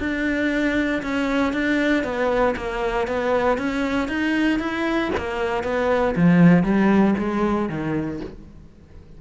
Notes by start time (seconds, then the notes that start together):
0.00 D4
1.03 C#4
1.53 D4
2.04 B3
2.57 A#3
3.08 B3
3.58 C#4
4.09 D#4
4.60 E4
5.17 A#3
5.64 B3
6.16 F3
6.64 G3
7.19 G#3
7.69 D#3